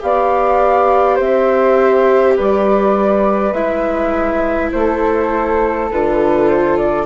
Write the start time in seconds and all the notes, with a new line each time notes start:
0.00 B3 G4 D5 F5
1.16 C4 C5 E5
2.36 G3 B4 D5
3.53 G#3 E4 E5
4.72 A3 A4 C5
5.91 D3 F4 B4
6.49 C5
6.77 D5